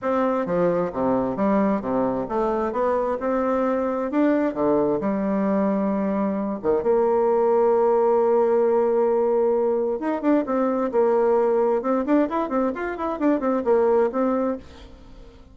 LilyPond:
\new Staff \with { instrumentName = "bassoon" } { \time 4/4 \tempo 4 = 132 c'4 f4 c4 g4 | c4 a4 b4 c'4~ | c'4 d'4 d4 g4~ | g2~ g8 dis8 ais4~ |
ais1~ | ais2 dis'8 d'8 c'4 | ais2 c'8 d'8 e'8 c'8 | f'8 e'8 d'8 c'8 ais4 c'4 | }